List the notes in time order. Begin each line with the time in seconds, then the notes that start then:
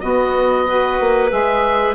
0.00 B3 F#4 D#5
0.66 F#4 B4
1.00 A#3
1.29 G#3 G#4 E5